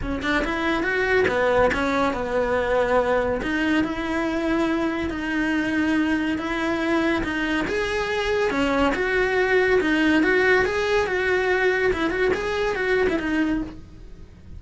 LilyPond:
\new Staff \with { instrumentName = "cello" } { \time 4/4 \tempo 4 = 141 cis'8 d'8 e'4 fis'4 b4 | cis'4 b2. | dis'4 e'2. | dis'2. e'4~ |
e'4 dis'4 gis'2 | cis'4 fis'2 dis'4 | fis'4 gis'4 fis'2 | e'8 fis'8 gis'4 fis'8. e'16 dis'4 | }